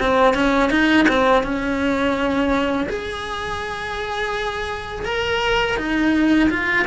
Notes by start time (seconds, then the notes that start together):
0.00 C4
0.35 C#4
0.71 D#4
1.09 C4
1.43 C#4
2.89 G#4
5.05 A#4
5.77 D#4
6.50 F4